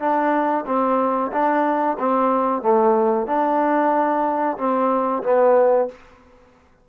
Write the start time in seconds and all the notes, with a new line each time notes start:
0.00 D4
0.66 C4
1.32 D4
1.99 C4
2.62 A3
3.27 D4
4.58 C4
5.24 B3